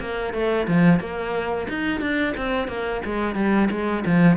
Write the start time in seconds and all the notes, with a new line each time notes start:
0.00 A#3
0.33 A3
0.67 F3
1.00 A#3
1.69 D#4
2.00 D4
2.37 C4
2.68 A#3
3.05 G#3
3.35 G3
3.70 G#3
4.06 F3